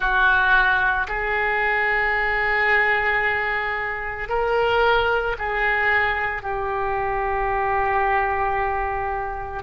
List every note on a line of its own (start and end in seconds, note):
0.00 1.07 F#4
1.08 4.29 G#4
4.29 5.36 A#4
5.38 6.42 G#4
6.42 9.62 G4